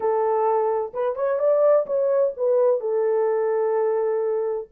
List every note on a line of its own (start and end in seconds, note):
0.00 0.92 A4
0.93 1.15 B4
1.15 1.39 C#5
1.39 1.86 D5
1.86 2.33 C#5
2.37 2.80 B4
2.80 4.68 A4